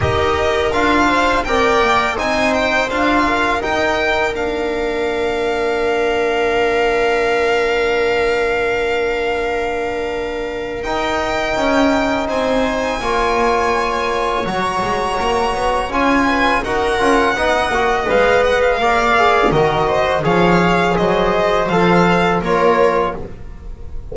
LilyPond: <<
  \new Staff \with { instrumentName = "violin" } { \time 4/4 \tempo 4 = 83 dis''4 f''4 g''4 gis''8 g''8 | f''4 g''4 f''2~ | f''1~ | f''2. g''4~ |
g''4 gis''2. | ais''2 gis''4 fis''4~ | fis''4 f''8 fis''16 f''4~ f''16 dis''4 | f''4 dis''4 f''4 cis''4 | }
  \new Staff \with { instrumentName = "viola" } { \time 4/4 ais'4. c''8 d''4 c''4~ | c''8 ais'2.~ ais'8~ | ais'1~ | ais'1~ |
ais'4 c''4 cis''2~ | cis''2~ cis''8 b'8 ais'4 | dis''2 d''4 ais'8 c''8 | cis''4 c''2 ais'4 | }
  \new Staff \with { instrumentName = "trombone" } { \time 4/4 g'4 f'4 ais'4 dis'4 | f'4 dis'4 d'2~ | d'1~ | d'2. dis'4~ |
dis'2 f'2 | fis'2 f'4 fis'8 f'8 | dis'8 fis'8 b'4 ais'8 gis'8 fis'4 | gis'2 a'4 f'4 | }
  \new Staff \with { instrumentName = "double bass" } { \time 4/4 dis'4 d'4 c'8 ais8 c'4 | d'4 dis'4 ais2~ | ais1~ | ais2. dis'4 |
cis'4 c'4 ais2 | fis8 gis8 ais8 b8 cis'4 dis'8 cis'8 | b8 ais8 gis4 ais4 dis4 | f4 fis4 f4 ais4 | }
>>